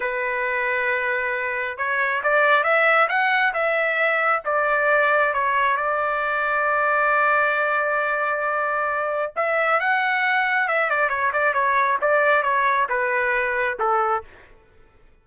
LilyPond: \new Staff \with { instrumentName = "trumpet" } { \time 4/4 \tempo 4 = 135 b'1 | cis''4 d''4 e''4 fis''4 | e''2 d''2 | cis''4 d''2.~ |
d''1~ | d''4 e''4 fis''2 | e''8 d''8 cis''8 d''8 cis''4 d''4 | cis''4 b'2 a'4 | }